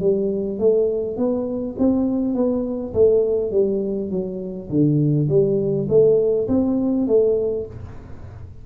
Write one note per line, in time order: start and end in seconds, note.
0.00 0.58 G3
0.58 1.17 A3
1.17 1.75 B3
1.78 2.34 C4
2.34 2.93 B3
2.93 3.51 A3
3.51 4.10 G3
4.10 4.68 F#3
4.69 5.28 D3
5.28 5.87 G3
5.88 6.47 A3
6.48 7.06 C4
7.06 7.65 A3